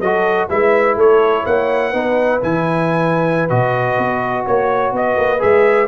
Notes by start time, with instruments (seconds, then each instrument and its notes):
0.00 tuba F#3, trombone F#4, horn A4, trumpet D#5
0.49 tuba G#3, trombone E4, horn B4, trumpet E5
0.96 tuba A3, horn A4, trumpet C#5
1.44 tuba A#3, horn C#5, trumpet F#5
1.91 tuba B3, trombone D#4, horn B4
2.42 tuba E3, trombone E4, trumpet G#5
3.49 tuba B2, trombone F#4, trumpet D#5
3.98 tuba B3
4.46 tuba A#3, horn C#5, trumpet C#5
4.92 tuba B3, horn B4, trumpet D#5
5.17 tuba A#3
5.39 tuba G#3, trombone G#4, trumpet E5